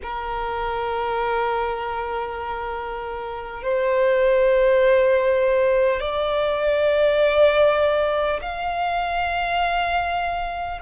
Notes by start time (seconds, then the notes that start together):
0.03 A#4
3.63 C5
5.99 D5
8.41 F5